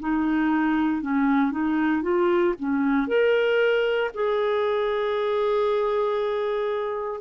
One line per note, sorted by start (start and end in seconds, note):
0.00 1.02 D#4
1.02 1.51 C#4
1.51 2.02 D#4
2.02 2.54 F4
2.59 3.08 C#4
3.08 4.11 A#4
4.15 7.21 G#4